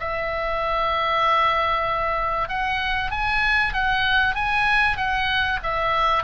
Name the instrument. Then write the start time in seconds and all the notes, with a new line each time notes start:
oboe
0.00 E5
2.49 F#5
3.11 G#5
3.74 F#5
4.35 G#5
4.97 F#5
5.63 E5